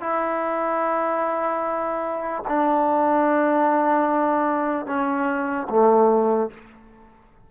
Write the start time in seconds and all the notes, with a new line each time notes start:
0.00 E4
2.48 D4
4.86 C#4
5.69 A3